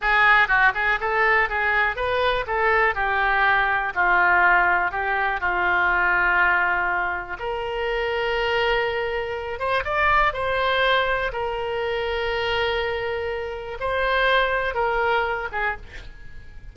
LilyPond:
\new Staff \with { instrumentName = "oboe" } { \time 4/4 \tempo 4 = 122 gis'4 fis'8 gis'8 a'4 gis'4 | b'4 a'4 g'2 | f'2 g'4 f'4~ | f'2. ais'4~ |
ais'2.~ ais'8 c''8 | d''4 c''2 ais'4~ | ais'1 | c''2 ais'4. gis'8 | }